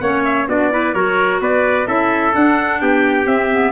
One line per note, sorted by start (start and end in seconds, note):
0.00 0.47 A#3
0.00 0.48 C#4
0.00 0.48 C#5
0.00 0.23 F#5
0.24 0.47 E5
0.47 0.94 B3
0.47 0.71 D4
0.47 0.72 F#4
0.47 0.93 D5
0.71 0.94 E4
0.71 0.94 B4
0.93 1.40 F#3
0.93 1.86 F#4
0.93 1.41 A#4
0.93 1.40 C#5
1.40 1.87 B3
1.40 1.87 B4
1.40 1.87 D5
1.86 2.34 C#4
1.86 2.32 E4
1.86 2.80 A4
1.86 2.34 E5
2.33 3.26 D4
2.33 2.81 D4
2.33 2.81 F#5
2.81 3.26 B3
2.81 3.71 G4
2.81 3.27 G5
3.26 3.71 C4
3.26 3.50 C4
3.26 3.71 E5
3.50 3.71 B3